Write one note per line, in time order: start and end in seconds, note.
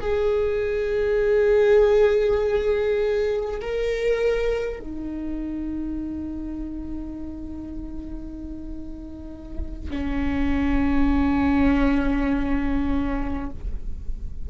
0.00 3.60 G#4
3.61 4.79 A#4
4.79 9.89 D#4
9.90 13.50 C#4